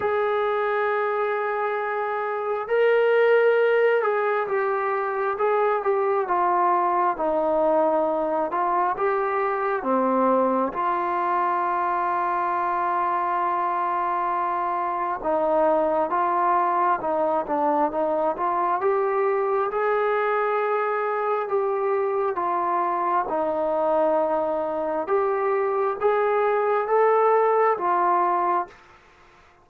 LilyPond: \new Staff \with { instrumentName = "trombone" } { \time 4/4 \tempo 4 = 67 gis'2. ais'4~ | ais'8 gis'8 g'4 gis'8 g'8 f'4 | dis'4. f'8 g'4 c'4 | f'1~ |
f'4 dis'4 f'4 dis'8 d'8 | dis'8 f'8 g'4 gis'2 | g'4 f'4 dis'2 | g'4 gis'4 a'4 f'4 | }